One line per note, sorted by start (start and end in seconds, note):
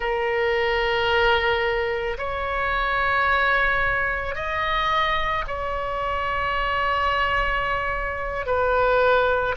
0.00 2.17 A#4
2.18 4.35 C#5
4.35 5.44 D#5
5.47 8.45 C#5
8.45 9.55 B4